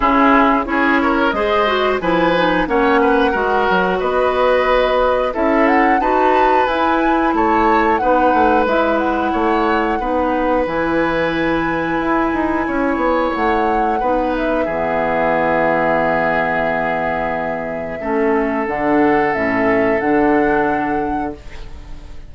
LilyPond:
<<
  \new Staff \with { instrumentName = "flute" } { \time 4/4 \tempo 4 = 90 gis'4 cis''4 dis''4 gis''4 | fis''2 dis''2 | e''8 fis''8 a''4 gis''4 a''4 | fis''4 e''8 fis''2~ fis''8 |
gis''1 | fis''4. e''2~ e''8~ | e''1 | fis''4 e''4 fis''2 | }
  \new Staff \with { instrumentName = "oboe" } { \time 4/4 e'4 gis'8 ais'8 c''4 b'4 | cis''8 b'8 ais'4 b'2 | a'4 b'2 cis''4 | b'2 cis''4 b'4~ |
b'2. cis''4~ | cis''4 b'4 gis'2~ | gis'2. a'4~ | a'1 | }
  \new Staff \with { instrumentName = "clarinet" } { \time 4/4 cis'4 e'4 gis'8 fis'8 e'8 dis'8 | cis'4 fis'2. | e'4 fis'4 e'2 | dis'4 e'2 dis'4 |
e'1~ | e'4 dis'4 b2~ | b2. cis'4 | d'4 cis'4 d'2 | }
  \new Staff \with { instrumentName = "bassoon" } { \time 4/4 cis4 cis'4 gis4 f4 | ais4 gis8 fis8 b2 | cis'4 dis'4 e'4 a4 | b8 a8 gis4 a4 b4 |
e2 e'8 dis'8 cis'8 b8 | a4 b4 e2~ | e2. a4 | d4 a,4 d2 | }
>>